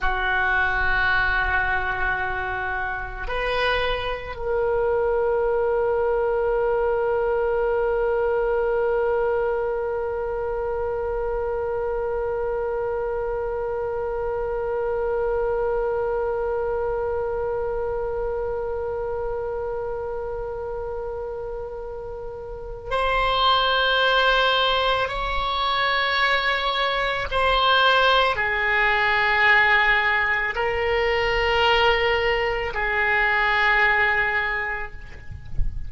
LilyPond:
\new Staff \with { instrumentName = "oboe" } { \time 4/4 \tempo 4 = 55 fis'2. b'4 | ais'1~ | ais'1~ | ais'1~ |
ais'1~ | ais'4 c''2 cis''4~ | cis''4 c''4 gis'2 | ais'2 gis'2 | }